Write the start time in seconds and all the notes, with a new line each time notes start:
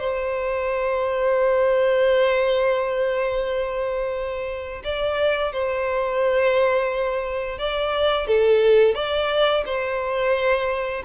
0.00 C5
4.84 D5
5.53 C5
7.58 D5
8.28 A4
8.95 D5
9.66 C5